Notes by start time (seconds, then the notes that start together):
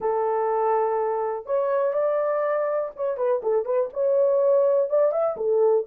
0.00 A4
1.46 C#5
1.93 D5
2.96 C#5
3.17 B4
3.43 A4
3.65 B4
3.93 C#5
4.89 D5
5.12 E5
5.36 A4